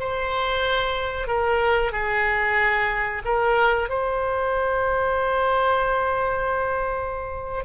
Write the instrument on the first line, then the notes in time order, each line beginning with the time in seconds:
oboe
0.00 C5
1.27 A#4
1.92 G#4
3.25 A#4
3.90 C5